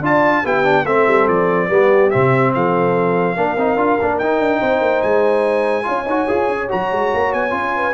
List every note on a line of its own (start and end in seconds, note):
0.00 0.42 D4
0.00 0.44 F4
0.00 0.44 D5
0.00 0.46 A5
0.44 0.85 B3
0.44 0.64 E4
0.44 0.86 G4
0.44 0.86 G5
0.64 0.84 D4
0.85 1.06 A3
0.85 1.69 C4
0.85 1.68 A4
0.85 1.27 E5
1.07 1.28 G3
1.28 1.70 F3
1.28 2.10 D5
1.68 2.12 G3
1.68 2.11 B3
1.68 2.51 G4
2.10 2.55 C3
2.10 3.36 C4
2.10 2.52 E5
2.54 3.37 F3
2.54 3.36 A4
2.54 4.19 F5
3.36 3.56 A#3
3.36 3.57 D4
3.36 4.60 A#4
3.56 3.76 C4
3.56 3.77 D#4
3.76 3.97 D4
3.76 3.98 F4
4.01 4.20 A#3
4.01 4.22 D4
4.19 4.40 D#4
4.19 5.83 D#4
4.19 5.02 G5
4.40 4.61 D4
4.60 4.81 C4
4.60 5.85 C5
4.81 5.02 A#3
5.02 5.86 G#3
5.02 6.68 G#5
5.83 6.05 C#4
5.83 6.04 F4
5.83 7.74 C#5
6.05 6.26 D#4
6.05 6.28 F#4
6.28 6.49 F4
6.28 6.68 G#4
6.49 6.69 C#4
6.68 6.92 F#3
6.68 7.50 F#4
6.68 7.33 A#5
6.92 7.13 G#3
7.13 7.33 A#3
7.33 7.52 B3
7.33 7.93 G#5
7.50 7.93 C#4
7.50 7.92 F4
7.76 7.93 B4